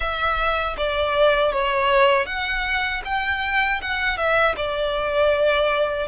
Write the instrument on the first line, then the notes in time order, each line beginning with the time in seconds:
violin
0.00 E5
0.77 D5
1.52 C#5
2.26 F#5
3.04 G5
3.81 F#5
4.17 E5
4.56 D5